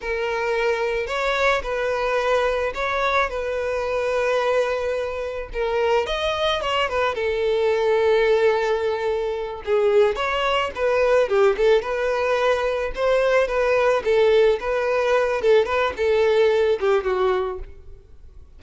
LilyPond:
\new Staff \with { instrumentName = "violin" } { \time 4/4 \tempo 4 = 109 ais'2 cis''4 b'4~ | b'4 cis''4 b'2~ | b'2 ais'4 dis''4 | cis''8 b'8 a'2.~ |
a'4. gis'4 cis''4 b'8~ | b'8 g'8 a'8 b'2 c''8~ | c''8 b'4 a'4 b'4. | a'8 b'8 a'4. g'8 fis'4 | }